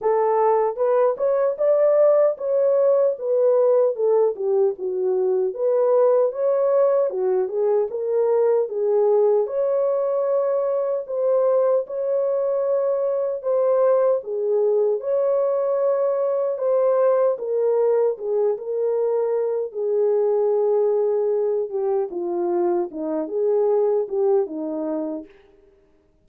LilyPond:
\new Staff \with { instrumentName = "horn" } { \time 4/4 \tempo 4 = 76 a'4 b'8 cis''8 d''4 cis''4 | b'4 a'8 g'8 fis'4 b'4 | cis''4 fis'8 gis'8 ais'4 gis'4 | cis''2 c''4 cis''4~ |
cis''4 c''4 gis'4 cis''4~ | cis''4 c''4 ais'4 gis'8 ais'8~ | ais'4 gis'2~ gis'8 g'8 | f'4 dis'8 gis'4 g'8 dis'4 | }